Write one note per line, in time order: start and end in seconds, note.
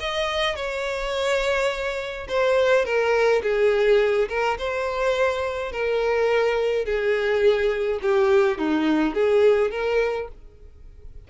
0.00 0.56 D#5
0.56 2.27 C#5
2.29 2.85 C5
2.85 3.42 A#4
3.43 4.29 G#4
4.29 4.58 A#4
4.59 5.72 C5
5.72 6.85 A#4
6.85 8.00 G#4
8.02 8.58 G4
8.58 9.14 D#4
9.14 9.71 G#4
9.71 10.28 A#4